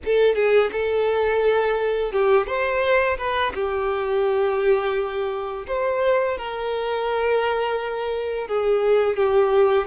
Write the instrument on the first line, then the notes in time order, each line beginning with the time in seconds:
violin
0.05 A4
0.35 G#4
0.72 A4
2.12 G4
2.46 C5
3.17 B4
3.54 G4
5.67 C5
6.37 A#4
8.47 G#4
9.16 G4